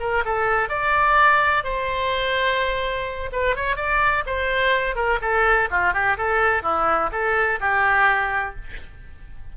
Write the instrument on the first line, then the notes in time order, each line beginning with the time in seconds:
oboe
0.00 A#4
0.25 A4
0.69 D5
1.64 C5
3.32 B4
3.56 C#5
3.76 D5
4.26 C5
4.95 A#4
5.21 A4
5.71 F4
5.93 G4
6.18 A4
6.63 E4
7.12 A4
7.60 G4